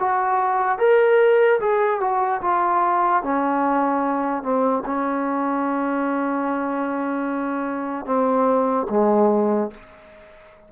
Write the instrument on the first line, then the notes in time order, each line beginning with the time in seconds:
trombone
0.00 F#4
0.79 A#4
1.60 G#4
2.00 F#4
2.42 F4
3.23 C#4
4.43 C4
4.86 C#4
8.06 C4
8.90 G#3